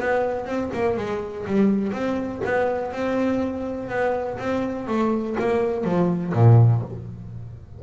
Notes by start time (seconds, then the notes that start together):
0.00 B3
0.46 C4
0.73 A#3
0.97 G#3
1.47 G3
1.93 C4
2.45 B3
2.92 C4
3.89 B3
4.39 C4
4.87 A3
5.39 A#3
5.84 F3
6.34 A#2